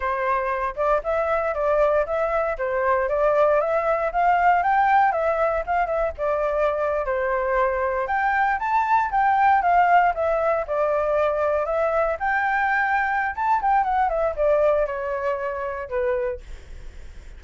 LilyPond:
\new Staff \with { instrumentName = "flute" } { \time 4/4 \tempo 4 = 117 c''4. d''8 e''4 d''4 | e''4 c''4 d''4 e''4 | f''4 g''4 e''4 f''8 e''8 | d''4.~ d''16 c''2 g''16~ |
g''8. a''4 g''4 f''4 e''16~ | e''8. d''2 e''4 g''16~ | g''2 a''8 g''8 fis''8 e''8 | d''4 cis''2 b'4 | }